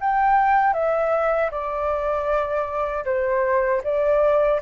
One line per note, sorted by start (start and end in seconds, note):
0.00 0.73 G5
0.73 1.50 E5
1.51 3.05 D5
3.05 3.82 C5
3.84 4.60 D5